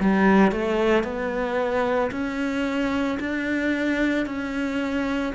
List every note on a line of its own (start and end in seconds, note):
0.00 0.52 G3
0.52 1.04 A3
1.04 2.11 B3
2.11 3.19 C#4
3.20 4.26 D4
4.26 5.33 C#4